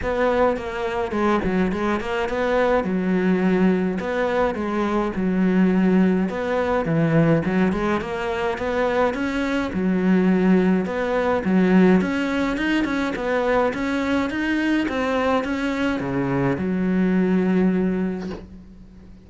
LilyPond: \new Staff \with { instrumentName = "cello" } { \time 4/4 \tempo 4 = 105 b4 ais4 gis8 fis8 gis8 ais8 | b4 fis2 b4 | gis4 fis2 b4 | e4 fis8 gis8 ais4 b4 |
cis'4 fis2 b4 | fis4 cis'4 dis'8 cis'8 b4 | cis'4 dis'4 c'4 cis'4 | cis4 fis2. | }